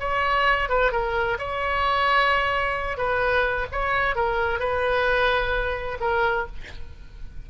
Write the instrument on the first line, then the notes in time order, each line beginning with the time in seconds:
oboe
0.00 C#5
0.69 B4
0.92 A#4
1.39 C#5
2.97 B4
3.72 C#5
4.16 A#4
4.60 B4
6.01 A#4